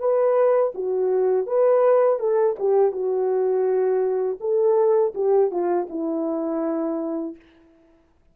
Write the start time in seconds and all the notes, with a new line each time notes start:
0.00 B4
0.75 F#4
1.47 B4
2.20 A4
2.59 G4
2.92 F#4
4.41 A4
5.15 G4
5.51 F4
5.90 E4